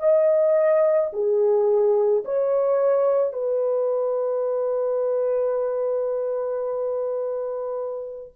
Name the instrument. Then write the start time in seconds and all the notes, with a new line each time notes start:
horn
0.00 D#5
1.13 G#4
2.25 C#5
3.33 B4